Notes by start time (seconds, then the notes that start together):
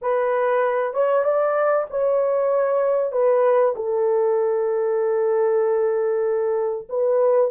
0.01 B4
0.93 C#5
1.24 D5
1.90 C#5
3.12 B4
3.75 A4
6.89 B4